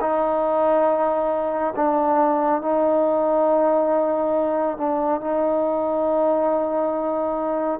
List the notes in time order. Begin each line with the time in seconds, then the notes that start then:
0.00 D#4
1.75 D4
2.61 D#4
4.77 D4
5.20 D#4